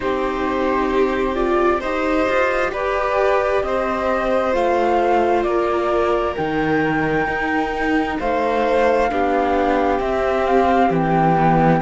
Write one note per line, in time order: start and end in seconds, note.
0.00 1.82 C4
0.00 1.34 D#4
0.00 1.80 G4
0.00 1.35 C5
1.34 1.80 F4
1.34 1.80 D5
1.80 2.27 D#4
1.80 4.52 G4
1.80 2.70 C5
1.80 2.72 D#5
2.29 2.72 F4
2.72 3.63 G4
2.72 3.63 B4
2.72 3.62 D5
3.62 4.54 C4
3.62 5.46 C5
3.62 4.53 D#5
4.52 5.44 A3
4.52 6.34 F4
4.52 5.43 F5
5.43 6.35 A#3
5.43 8.19 A#4
5.43 6.34 D5
6.36 7.27 D#3
6.36 9.10 D#4
6.36 8.18 G5
7.27 8.18 D#4
8.19 9.11 A3
8.19 9.10 C5
8.19 10.00 F5
9.10 9.99 B3
9.10 9.99 D4
9.10 11.81 G4
9.99 11.35 C4
9.99 10.90 C4
9.99 10.46 E5
10.46 10.91 F5
10.90 11.80 E3
10.90 11.81 G5
11.37 11.81 B3